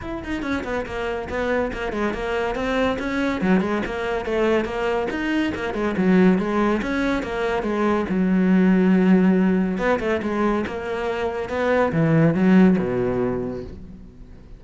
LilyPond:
\new Staff \with { instrumentName = "cello" } { \time 4/4 \tempo 4 = 141 e'8 dis'8 cis'8 b8 ais4 b4 | ais8 gis8 ais4 c'4 cis'4 | fis8 gis8 ais4 a4 ais4 | dis'4 ais8 gis8 fis4 gis4 |
cis'4 ais4 gis4 fis4~ | fis2. b8 a8 | gis4 ais2 b4 | e4 fis4 b,2 | }